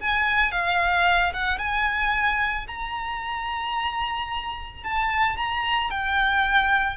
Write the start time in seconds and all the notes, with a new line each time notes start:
0.00 G#5
0.52 F5
1.33 F#5
1.58 G#5
2.67 A#5
4.84 A5
5.37 A#5
5.90 G5